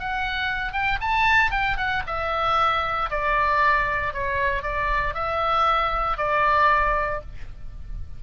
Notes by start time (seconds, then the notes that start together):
0.00 F#5
0.73 G5
1.01 A5
1.51 G5
1.77 F#5
2.07 E5
3.11 D5
4.14 C#5
4.63 D5
5.15 E5
6.18 D5